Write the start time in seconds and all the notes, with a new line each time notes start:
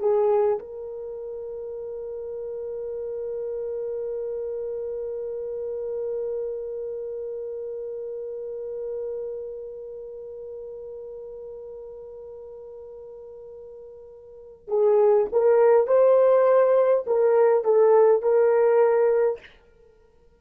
0.00 G#4
0.59 A#4
14.68 G#4
15.32 A#4
15.87 C5
17.06 A#4
17.64 A4
18.22 A#4